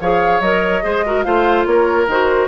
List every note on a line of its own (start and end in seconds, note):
0.00 0.41 F3
0.00 0.43 G#4
0.00 0.84 C#5
0.00 0.41 F5
0.41 0.82 F#3
0.41 0.83 A#4
0.41 1.23 D#5
0.83 1.26 G#3
0.83 1.04 G#4
0.83 1.05 C5
1.06 1.24 F#4
1.06 1.25 A#4
1.23 1.66 A3
1.23 2.08 F4
1.23 1.67 C5
1.23 1.65 F5
1.66 2.07 A#3
1.66 2.48 A#4
1.66 2.07 C#5
2.07 2.48 D#3
2.07 2.48 F#4
2.07 2.48 C5